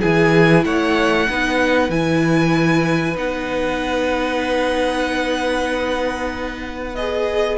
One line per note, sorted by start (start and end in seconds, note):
0.00 0.64 E3
0.00 1.27 E4
0.00 0.63 G#4
0.00 0.64 G#5
0.64 1.27 A3
0.64 1.29 C#5
0.64 1.90 F#5
1.29 1.89 B3
1.29 1.90 D#4
1.29 7.58 B4
1.89 3.15 E3
1.89 3.15 E4
1.89 3.16 G#5
3.15 7.58 B3
3.15 6.94 D#4
3.15 6.95 F#5
6.95 7.58 G#4
6.95 7.58 D#5